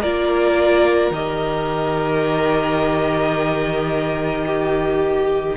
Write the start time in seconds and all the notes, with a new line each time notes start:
0.00 A#3 F4 A#4 D5
1.11 D#3 G4 D#5
4.45 G4